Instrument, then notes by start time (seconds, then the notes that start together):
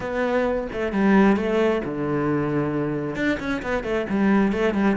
cello
0.00 B3
0.72 A3
0.92 G3
1.36 A3
1.84 D3
3.15 D4
3.39 C#4
3.62 B3
3.83 A3
4.09 G3
4.52 A3
4.74 G3